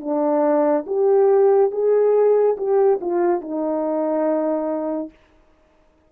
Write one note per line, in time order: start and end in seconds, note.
0.00 0.85 D4
0.86 1.71 G4
1.71 2.56 G#4
2.57 2.99 G4
3.00 3.41 F4
3.41 5.10 D#4